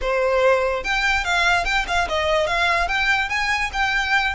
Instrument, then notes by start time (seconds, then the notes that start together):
violin
0.01 C5
0.84 G5
1.24 F5
1.65 G5
1.87 F5
2.08 D#5
2.46 F5
2.87 G5
3.29 G#5
3.72 G5